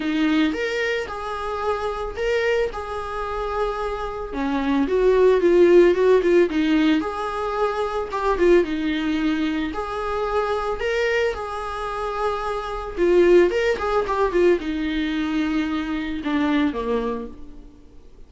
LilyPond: \new Staff \with { instrumentName = "viola" } { \time 4/4 \tempo 4 = 111 dis'4 ais'4 gis'2 | ais'4 gis'2. | cis'4 fis'4 f'4 fis'8 f'8 | dis'4 gis'2 g'8 f'8 |
dis'2 gis'2 | ais'4 gis'2. | f'4 ais'8 gis'8 g'8 f'8 dis'4~ | dis'2 d'4 ais4 | }